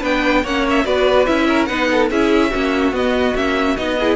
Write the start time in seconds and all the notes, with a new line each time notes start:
0.00 B3 D4 B4 G5
0.43 A#3 C#4 C#5 F#5
0.70 E5
0.85 B3 F#4 B4 D5
1.26 C#4 E4 E5
1.48 A#4
1.66 B3 D#4 B4 F#5
1.92 A4
2.11 C#4 E4 G#4 E5
2.51 A#3 C#4 F#4
2.93 B3 D#5
3.36 A#3 C#4 E5
3.77 B3 D#4 D#5
3.99 E4 G#4